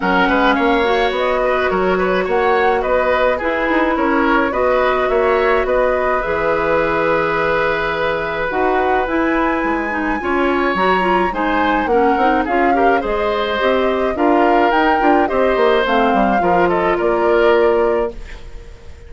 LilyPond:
<<
  \new Staff \with { instrumentName = "flute" } { \time 4/4 \tempo 4 = 106 fis''4 f''4 dis''4 cis''4 | fis''4 dis''4 b'4 cis''4 | dis''4 e''4 dis''4 e''4~ | e''2. fis''4 |
gis''2. ais''4 | gis''4 fis''4 f''4 dis''4~ | dis''4 f''4 g''4 dis''4 | f''4. dis''8 d''2 | }
  \new Staff \with { instrumentName = "oboe" } { \time 4/4 ais'8 b'8 cis''4. b'8 ais'8 b'8 | cis''4 b'4 gis'4 ais'4 | b'4 cis''4 b'2~ | b'1~ |
b'2 cis''2 | c''4 ais'4 gis'8 ais'8 c''4~ | c''4 ais'2 c''4~ | c''4 ais'8 a'8 ais'2 | }
  \new Staff \with { instrumentName = "clarinet" } { \time 4/4 cis'4. fis'2~ fis'8~ | fis'2 e'2 | fis'2. gis'4~ | gis'2. fis'4 |
e'4. dis'8 f'4 fis'8 f'8 | dis'4 cis'8 dis'8 f'8 g'8 gis'4 | g'4 f'4 dis'8 f'8 g'4 | c'4 f'2. | }
  \new Staff \with { instrumentName = "bassoon" } { \time 4/4 fis8 gis8 ais4 b4 fis4 | ais4 b4 e'8 dis'8 cis'4 | b4 ais4 b4 e4~ | e2. dis'4 |
e'4 gis4 cis'4 fis4 | gis4 ais8 c'8 cis'4 gis4 | c'4 d'4 dis'8 d'8 c'8 ais8 | a8 g8 f4 ais2 | }
>>